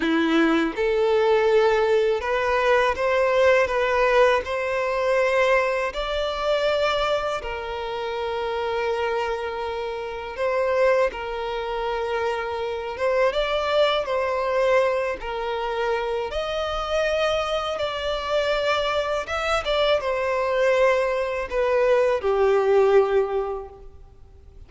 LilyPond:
\new Staff \with { instrumentName = "violin" } { \time 4/4 \tempo 4 = 81 e'4 a'2 b'4 | c''4 b'4 c''2 | d''2 ais'2~ | ais'2 c''4 ais'4~ |
ais'4. c''8 d''4 c''4~ | c''8 ais'4. dis''2 | d''2 e''8 d''8 c''4~ | c''4 b'4 g'2 | }